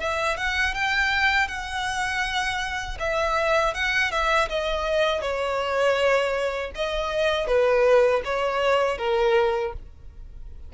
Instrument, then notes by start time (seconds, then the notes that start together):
violin
0.00 E5
0.37 F#5
0.74 G5
1.48 F#5
3.00 E5
3.75 F#5
4.11 E5
4.49 D#5
5.22 C#5
6.75 D#5
7.47 B4
8.25 C#5
8.98 A#4